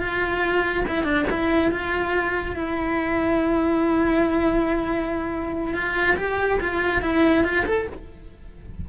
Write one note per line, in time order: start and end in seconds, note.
0.00 0.85 F4
0.88 1.04 E4
1.04 1.26 D4
1.31 1.72 E4
1.72 2.56 F4
2.56 5.74 E4
5.74 6.17 F4
6.17 6.60 G4
6.61 7.02 F4
7.02 7.44 E4
7.44 7.66 F4
7.66 7.87 A4